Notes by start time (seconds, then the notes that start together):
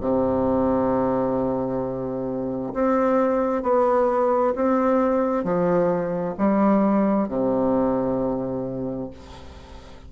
0.00 C3
2.73 C4
3.62 B3
4.55 C4
5.43 F3
6.38 G3
7.28 C3